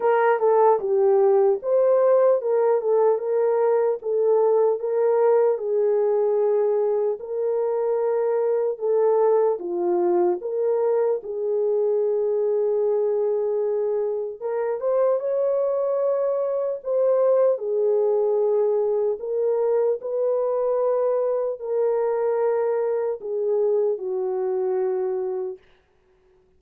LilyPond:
\new Staff \with { instrumentName = "horn" } { \time 4/4 \tempo 4 = 75 ais'8 a'8 g'4 c''4 ais'8 a'8 | ais'4 a'4 ais'4 gis'4~ | gis'4 ais'2 a'4 | f'4 ais'4 gis'2~ |
gis'2 ais'8 c''8 cis''4~ | cis''4 c''4 gis'2 | ais'4 b'2 ais'4~ | ais'4 gis'4 fis'2 | }